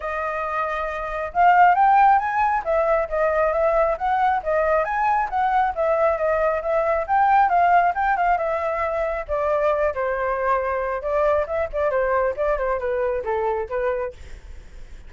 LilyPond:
\new Staff \with { instrumentName = "flute" } { \time 4/4 \tempo 4 = 136 dis''2. f''4 | g''4 gis''4 e''4 dis''4 | e''4 fis''4 dis''4 gis''4 | fis''4 e''4 dis''4 e''4 |
g''4 f''4 g''8 f''8 e''4~ | e''4 d''4. c''4.~ | c''4 d''4 e''8 d''8 c''4 | d''8 c''8 b'4 a'4 b'4 | }